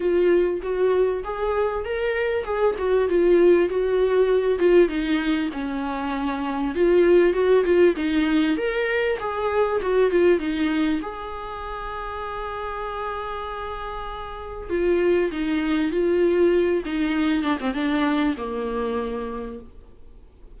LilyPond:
\new Staff \with { instrumentName = "viola" } { \time 4/4 \tempo 4 = 98 f'4 fis'4 gis'4 ais'4 | gis'8 fis'8 f'4 fis'4. f'8 | dis'4 cis'2 f'4 | fis'8 f'8 dis'4 ais'4 gis'4 |
fis'8 f'8 dis'4 gis'2~ | gis'1 | f'4 dis'4 f'4. dis'8~ | dis'8 d'16 c'16 d'4 ais2 | }